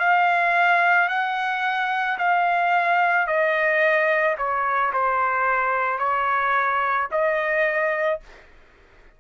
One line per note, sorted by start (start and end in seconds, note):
0.00 1.09 F5
1.09 2.18 F#5
2.19 3.27 F5
3.27 4.36 D#5
4.38 4.92 C#5
4.93 5.99 C5
5.99 7.08 C#5
7.12 8.21 D#5